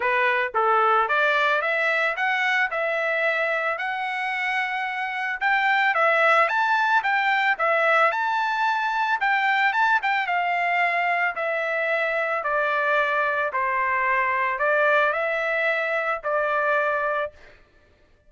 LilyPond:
\new Staff \with { instrumentName = "trumpet" } { \time 4/4 \tempo 4 = 111 b'4 a'4 d''4 e''4 | fis''4 e''2 fis''4~ | fis''2 g''4 e''4 | a''4 g''4 e''4 a''4~ |
a''4 g''4 a''8 g''8 f''4~ | f''4 e''2 d''4~ | d''4 c''2 d''4 | e''2 d''2 | }